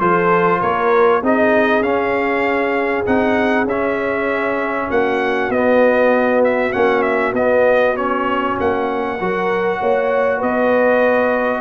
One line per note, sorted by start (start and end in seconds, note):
0.00 0.62 F3
0.00 1.22 F4
0.00 0.60 A4
0.00 0.61 C5
0.60 1.22 A#3
0.60 1.21 A#4
0.60 1.22 C#5
1.22 1.81 C4
1.22 1.83 D#4
1.22 4.89 G#4
1.22 1.83 D#5
1.81 3.03 C#4
1.81 3.05 C#4
1.81 3.05 F5
3.06 3.65 C4
3.06 3.67 D#4
3.06 3.67 F#5
3.65 4.87 C#4
3.65 5.53 C#4
3.65 4.91 E5
4.89 5.49 A#3
4.89 9.17 F#4
4.89 5.51 F#5
5.49 6.72 B3
5.49 6.43 D#5
6.44 6.73 E5
6.72 7.33 A#3
6.72 7.34 C#4
6.72 7.02 F#5
7.02 7.33 E5
7.33 8.55 B3
7.33 7.96 B3
7.33 7.96 D#5
7.96 9.19 C#4
7.96 8.58 C#5
8.60 9.20 A#3
8.60 10.42 F#5
9.18 9.81 F#3
9.18 11.61 F#4
9.18 9.79 A#4
9.80 10.42 A#3
9.80 10.38 C#5
10.38 11.61 B3
10.38 11.60 B4
10.38 11.61 D#5